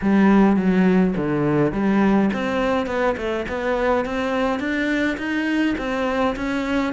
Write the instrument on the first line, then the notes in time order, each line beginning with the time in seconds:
cello
0.01 G3
0.56 F#3
1.16 D3
1.72 G3
2.33 C4
2.86 B3
3.17 A3
3.48 B3
4.05 C4
4.59 D4
5.17 D#4
5.77 C4
6.36 C#4